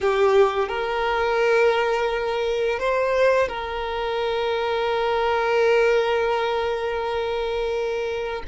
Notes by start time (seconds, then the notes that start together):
0.00 G4
0.68 A#4
2.79 C5
3.48 A#4